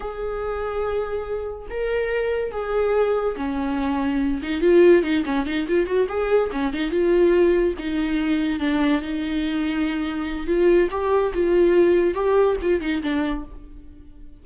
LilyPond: \new Staff \with { instrumentName = "viola" } { \time 4/4 \tempo 4 = 143 gis'1 | ais'2 gis'2 | cis'2~ cis'8 dis'8 f'4 | dis'8 cis'8 dis'8 f'8 fis'8 gis'4 cis'8 |
dis'8 f'2 dis'4.~ | dis'8 d'4 dis'2~ dis'8~ | dis'4 f'4 g'4 f'4~ | f'4 g'4 f'8 dis'8 d'4 | }